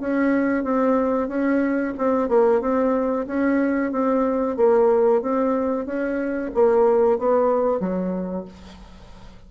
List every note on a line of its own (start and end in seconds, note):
0.00 0.63 C#4
0.63 1.28 C4
1.28 1.93 C#4
1.97 2.29 C4
2.29 2.61 A#3
2.61 3.26 C4
3.27 3.92 C#4
3.92 4.57 C4
4.57 5.22 A#3
5.22 5.86 C4
5.86 6.51 C#4
6.54 7.19 A#3
7.19 7.80 B3
7.80 8.45 F#3